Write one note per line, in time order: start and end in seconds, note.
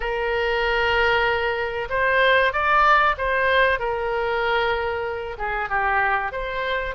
0.00 1.88 A#4
1.89 2.52 C5
2.52 3.16 D5
3.17 3.79 C5
3.79 5.37 A#4
5.38 5.69 G#4
5.69 6.32 G4
6.32 6.95 C5